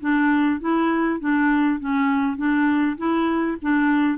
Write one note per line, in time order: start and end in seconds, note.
0.00 0.60 D4
0.60 1.20 E4
1.20 1.80 D4
1.80 2.37 C#4
2.37 2.97 D4
2.97 3.57 E4
3.62 4.18 D4